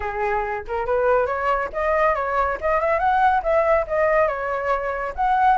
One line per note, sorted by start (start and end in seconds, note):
0.00 0.63 G#4
0.67 0.86 A#4
0.86 1.26 B4
1.26 1.69 C#5
1.73 2.15 D#5
2.15 2.58 C#5
2.60 2.80 D#5
2.80 2.99 E5
2.99 3.42 F#5
3.42 3.85 E5
3.87 4.27 D#5
4.27 5.13 C#5
5.15 5.58 F#5